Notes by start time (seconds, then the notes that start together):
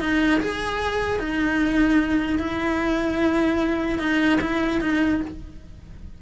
0.00 D#4
0.40 G#4
1.19 D#4
2.39 E4
3.99 D#4
4.41 E4
4.81 D#4